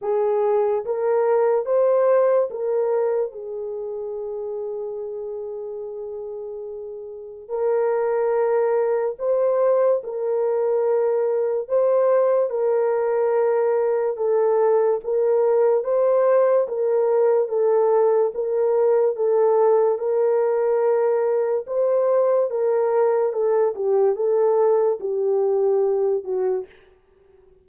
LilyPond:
\new Staff \with { instrumentName = "horn" } { \time 4/4 \tempo 4 = 72 gis'4 ais'4 c''4 ais'4 | gis'1~ | gis'4 ais'2 c''4 | ais'2 c''4 ais'4~ |
ais'4 a'4 ais'4 c''4 | ais'4 a'4 ais'4 a'4 | ais'2 c''4 ais'4 | a'8 g'8 a'4 g'4. fis'8 | }